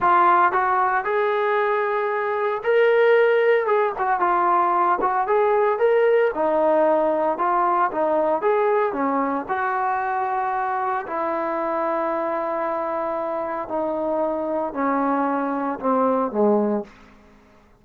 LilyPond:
\new Staff \with { instrumentName = "trombone" } { \time 4/4 \tempo 4 = 114 f'4 fis'4 gis'2~ | gis'4 ais'2 gis'8 fis'8 | f'4. fis'8 gis'4 ais'4 | dis'2 f'4 dis'4 |
gis'4 cis'4 fis'2~ | fis'4 e'2.~ | e'2 dis'2 | cis'2 c'4 gis4 | }